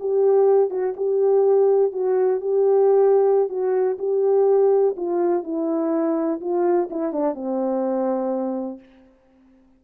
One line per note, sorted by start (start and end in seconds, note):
0.00 0.71 G4
0.71 0.95 F#4
0.97 1.93 G4
1.93 2.41 F#4
2.41 3.49 G4
3.49 3.98 F#4
3.99 4.96 G4
4.97 5.44 F4
5.44 6.40 E4
6.41 6.90 F4
6.90 7.13 E4
7.13 7.35 D4
7.35 8.80 C4